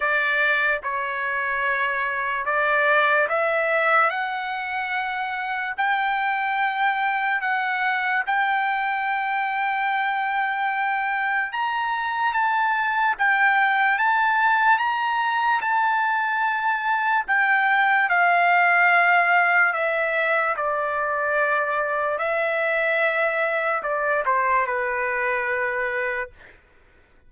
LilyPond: \new Staff \with { instrumentName = "trumpet" } { \time 4/4 \tempo 4 = 73 d''4 cis''2 d''4 | e''4 fis''2 g''4~ | g''4 fis''4 g''2~ | g''2 ais''4 a''4 |
g''4 a''4 ais''4 a''4~ | a''4 g''4 f''2 | e''4 d''2 e''4~ | e''4 d''8 c''8 b'2 | }